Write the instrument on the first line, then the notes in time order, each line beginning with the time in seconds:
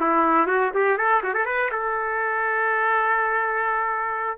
trumpet
0.00 E4
0.47 F#4
0.74 G4
0.98 A4
1.23 F#4
1.34 A4
1.45 B4
1.72 A4